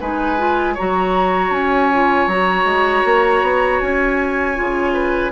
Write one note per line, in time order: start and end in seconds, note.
0.00 0.77 G#3
0.00 0.38 D#4
0.00 0.74 B4
0.00 0.76 G#5
0.38 0.76 F4
0.74 1.92 F#4
0.74 4.92 C#5
0.74 1.52 A#5
0.80 1.50 F#3
1.50 2.26 C#4
1.50 2.28 G#5
1.92 2.30 F4
2.27 2.64 F#3
2.27 4.55 F#4
2.27 3.80 A#5
2.64 3.02 G#3
3.05 3.42 A#3
3.42 3.80 B3
3.80 4.57 C#4
3.80 5.32 G#5
4.55 5.32 C#3
4.55 5.31 F4
4.94 5.31 B4